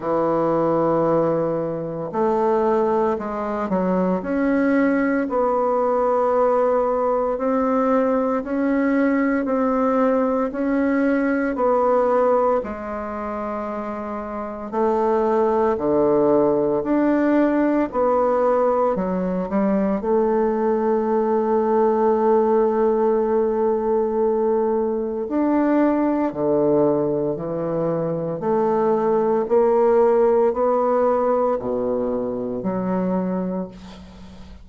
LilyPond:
\new Staff \with { instrumentName = "bassoon" } { \time 4/4 \tempo 4 = 57 e2 a4 gis8 fis8 | cis'4 b2 c'4 | cis'4 c'4 cis'4 b4 | gis2 a4 d4 |
d'4 b4 fis8 g8 a4~ | a1 | d'4 d4 e4 a4 | ais4 b4 b,4 fis4 | }